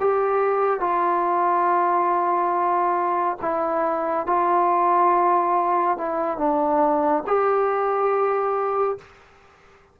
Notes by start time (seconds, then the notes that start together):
0.00 G4
0.80 F4
3.42 E4
4.26 F4
5.98 E4
6.37 D4
7.27 G4